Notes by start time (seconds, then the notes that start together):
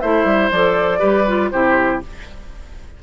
0.00 A3 E4 C5 E5
0.24 G3
0.51 F3 A4 D5
0.98 G3 G4 B4
1.27 F4
1.51 C3 E4 G4 C5